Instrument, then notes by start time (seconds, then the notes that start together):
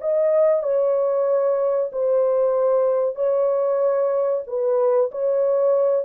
horn
0.00 D#5
0.62 C#5
1.91 C5
3.15 C#5
4.47 B4
5.11 C#5